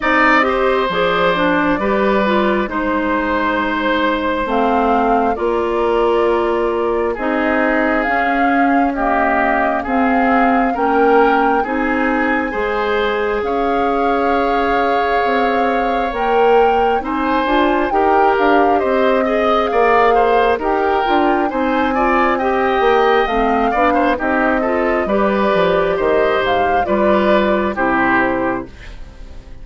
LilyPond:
<<
  \new Staff \with { instrumentName = "flute" } { \time 4/4 \tempo 4 = 67 dis''4 d''2 c''4~ | c''4 f''4 d''2 | dis''4 f''4 dis''4 f''4 | g''4 gis''2 f''4~ |
f''2 g''4 gis''4 | g''8 f''8 dis''4 f''4 g''4 | gis''4 g''4 f''4 dis''4 | d''4 dis''8 f''8 d''4 c''4 | }
  \new Staff \with { instrumentName = "oboe" } { \time 4/4 d''8 c''4. b'4 c''4~ | c''2 ais'2 | gis'2 g'4 gis'4 | ais'4 gis'4 c''4 cis''4~ |
cis''2. c''4 | ais'4 c''8 dis''8 d''8 c''8 ais'4 | c''8 d''8 dis''4. d''16 c''16 g'8 a'8 | b'4 c''4 b'4 g'4 | }
  \new Staff \with { instrumentName = "clarinet" } { \time 4/4 dis'8 g'8 gis'8 d'8 g'8 f'8 dis'4~ | dis'4 c'4 f'2 | dis'4 cis'4 ais4 c'4 | cis'4 dis'4 gis'2~ |
gis'2 ais'4 dis'8 f'8 | g'4. gis'4. g'8 f'8 | dis'8 f'8 g'4 c'8 d'8 dis'8 f'8 | g'2 f'4 e'4 | }
  \new Staff \with { instrumentName = "bassoon" } { \time 4/4 c'4 f4 g4 gis4~ | gis4 a4 ais2 | c'4 cis'2 c'4 | ais4 c'4 gis4 cis'4~ |
cis'4 c'4 ais4 c'8 d'8 | dis'8 d'8 c'4 ais4 dis'8 d'8 | c'4. ais8 a8 b8 c'4 | g8 f8 dis8 gis,8 g4 c4 | }
>>